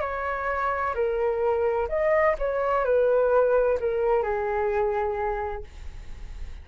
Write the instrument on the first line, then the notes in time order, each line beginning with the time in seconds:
flute
0.00 C#5
0.94 A#4
1.88 D#5
2.38 C#5
2.84 B4
3.79 A#4
4.22 G#4